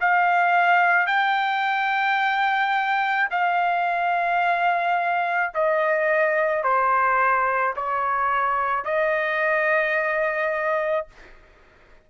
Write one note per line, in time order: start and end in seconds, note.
0.00 1.06 F5
1.06 3.28 G5
3.30 5.53 F5
5.54 6.63 D#5
6.63 7.74 C5
7.76 8.84 C#5
8.84 11.07 D#5